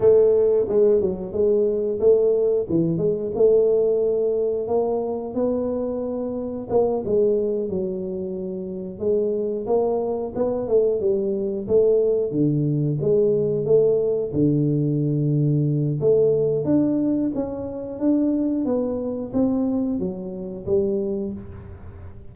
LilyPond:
\new Staff \with { instrumentName = "tuba" } { \time 4/4 \tempo 4 = 90 a4 gis8 fis8 gis4 a4 | e8 gis8 a2 ais4 | b2 ais8 gis4 fis8~ | fis4. gis4 ais4 b8 |
a8 g4 a4 d4 gis8~ | gis8 a4 d2~ d8 | a4 d'4 cis'4 d'4 | b4 c'4 fis4 g4 | }